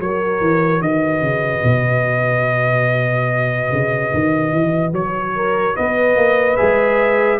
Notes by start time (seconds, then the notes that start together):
0.00 F#3 F#4 A#4 C#5
0.41 E3
0.81 D#3 B4 D#5
1.22 C#3
1.64 B2
3.72 C#3
4.14 D#3
4.52 E3
4.92 F#3 C#5
5.35 A#4
5.77 B3 B4 D#5
6.16 A#3
6.57 G#3 G#4 E5